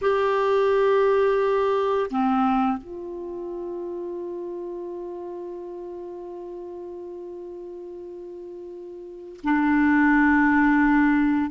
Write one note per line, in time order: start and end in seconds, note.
0.01 2.10 G4
2.10 2.77 C4
2.77 9.40 F4
9.43 11.51 D4